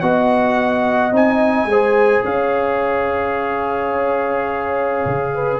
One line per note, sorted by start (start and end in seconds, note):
0.00 1.12 B3
0.00 1.12 F#4
0.00 1.70 D#5
0.00 1.12 F#5
1.12 1.65 C4
1.12 1.68 D#4
1.12 2.24 G#5
1.65 2.21 G#3
1.65 5.59 G#4
1.65 2.25 C5
2.24 5.05 C#4
2.24 5.33 C#5
2.24 5.59 F5
5.05 5.59 C#3
5.34 5.59 B4